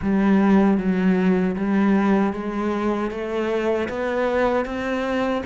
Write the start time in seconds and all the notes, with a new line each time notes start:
0.01 G3
0.77 F#3
1.55 G3
2.33 G#3
3.10 A3
3.89 B3
4.65 C4